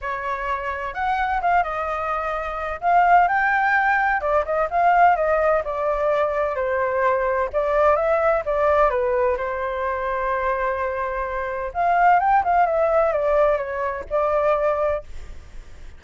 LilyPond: \new Staff \with { instrumentName = "flute" } { \time 4/4 \tempo 4 = 128 cis''2 fis''4 f''8 dis''8~ | dis''2 f''4 g''4~ | g''4 d''8 dis''8 f''4 dis''4 | d''2 c''2 |
d''4 e''4 d''4 b'4 | c''1~ | c''4 f''4 g''8 f''8 e''4 | d''4 cis''4 d''2 | }